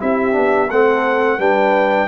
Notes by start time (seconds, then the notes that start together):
0.00 C4 E4 G4 E5
0.33 B3 D4
0.71 A3 C4 A4 F#5
1.39 G3 D4 B4 G5